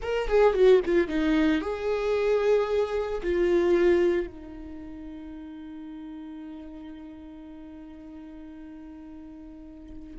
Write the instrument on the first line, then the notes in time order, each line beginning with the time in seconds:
viola
0.02 A#4
0.28 G#4
0.53 F#4
0.85 F4
1.08 D#4
1.61 G#4
3.23 F4
4.27 D#4